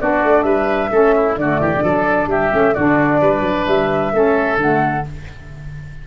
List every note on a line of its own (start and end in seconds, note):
0.00 0.24 B3
0.00 0.91 D4
0.00 0.45 F#4
0.00 0.43 D5
0.24 0.44 A3
0.43 0.90 G3
0.43 0.91 B4
0.43 1.35 E5
0.91 1.37 A3
0.91 1.36 C#4
0.91 1.15 A4
1.16 1.38 E4
1.37 1.60 D3
1.37 1.84 A3
1.37 1.61 F#4
1.37 2.29 D5
1.61 1.73 E3
1.61 1.83 G4
1.76 1.84 D3
1.83 2.27 F#3
1.83 2.51 D4
1.83 2.29 A4
2.27 2.50 G3
2.27 2.75 G4
2.27 2.74 E5
2.51 2.76 A3
2.51 2.74 C#4
2.74 3.21 D3
2.74 4.13 D4
2.74 3.21 F#4
2.74 3.66 D5
3.21 3.41 G3
3.21 4.12 B4
3.41 3.64 F#3
3.67 4.13 G3
3.67 4.58 E5
4.13 4.57 A3
4.13 4.59 C#4
4.13 5.07 A4
4.57 5.03 D3
4.57 5.05 A3
4.57 5.07 F#5